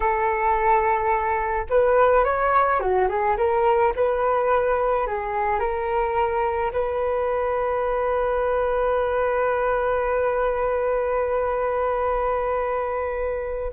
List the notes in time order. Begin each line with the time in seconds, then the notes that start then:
0.00 A4
1.69 B4
2.24 C#5
2.80 F#4
3.08 G#4
3.37 A#4
3.95 B4
5.06 G#4
5.59 A#4
6.71 B4